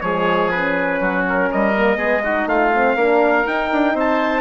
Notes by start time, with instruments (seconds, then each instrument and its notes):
0.00 bassoon F3, horn G#3, oboe G#4, trumpet C#5
0.51 horn C#4, trumpet B4
0.99 bassoon F#3, oboe F#4
1.28 trumpet A#4
1.50 bassoon G3, oboe A#4, trumpet D#5
1.76 horn A#3
1.96 bassoon G#3, horn B3, oboe G#4
2.23 horn D#4, oboe F#4
2.45 bassoon A3, oboe F4, trumpet F5
2.73 horn C4
2.95 bassoon A#3, horn D4, oboe A#4
3.45 horn D#4, bassoon D#4, trumpet G5
3.72 bassoon D4
3.94 bassoon C4, oboe C5, trumpet A5